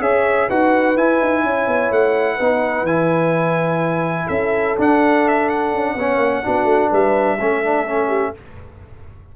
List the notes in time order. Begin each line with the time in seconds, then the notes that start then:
0.00 C#4 G#4 C#5 E5
0.47 D#4 F#4 B4 F#5
0.96 E4 G#5
1.21 D#4
1.43 C#4 C#5
1.67 B3
1.91 A3 F#5
2.36 B3 D#4 B4
2.83 E3 E4 G#5
4.26 C#4 A4 E5
4.79 D4 F#5
5.28 E5
5.49 F#5
5.74 C#4
5.95 B3 C#4 C#5
6.16 A#3
6.43 B3 D4 F#4
6.64 A3
6.90 G3 B4 E5
7.39 A3 C#4 A4
7.64 D4
7.87 C#4
8.08 G4